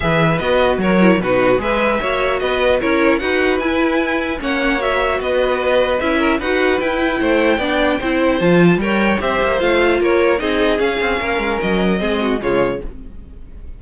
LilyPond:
<<
  \new Staff \with { instrumentName = "violin" } { \time 4/4 \tempo 4 = 150 e''4 dis''4 cis''4 b'4 | e''2 dis''4 cis''4 | fis''4 gis''2 fis''4 | e''4 dis''2 e''4 |
fis''4 g''2.~ | g''4 a''4 g''4 e''4 | f''4 cis''4 dis''4 f''4~ | f''4 dis''2 cis''4 | }
  \new Staff \with { instrumentName = "violin" } { \time 4/4 b'2 ais'4 fis'4 | b'4 cis''4 b'4 ais'4 | b'2. cis''4~ | cis''4 b'2~ b'8 ais'8 |
b'2 c''4 d''4 | c''2 cis''4 c''4~ | c''4 ais'4 gis'2 | ais'2 gis'8 fis'8 f'4 | }
  \new Staff \with { instrumentName = "viola" } { \time 4/4 gis'4 fis'4. e'8 dis'4 | gis'4 fis'2 e'4 | fis'4 e'2 cis'4 | fis'2. e'4 |
fis'4 e'2 d'4 | e'4 f'4 ais'4 g'4 | f'2 dis'4 cis'4~ | cis'2 c'4 gis4 | }
  \new Staff \with { instrumentName = "cello" } { \time 4/4 e4 b4 fis4 b,4 | gis4 ais4 b4 cis'4 | dis'4 e'2 ais4~ | ais4 b2 cis'4 |
dis'4 e'4 a4 b4 | c'4 f4 g4 c'8 ais8 | a4 ais4 c'4 cis'8 c'8 | ais8 gis8 fis4 gis4 cis4 | }
>>